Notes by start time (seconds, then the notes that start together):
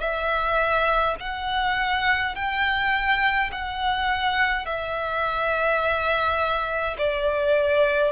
0.00 E5
1.20 F#5
2.35 G5
3.52 F#5
4.66 E5
6.98 D5